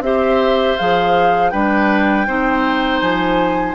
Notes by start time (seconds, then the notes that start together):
0.00 C4 G4 C5 E5
0.77 F3 G#4 F5
1.50 G3 D4 B4 G5
2.27 C4 D#4 C5
3.01 F3 G#5